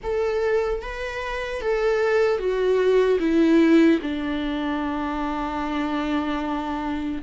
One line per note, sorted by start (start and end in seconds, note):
0.03 0.82 A4
0.82 1.61 B4
1.61 2.38 A4
2.38 3.18 F#4
3.19 3.99 E4
4.02 7.22 D4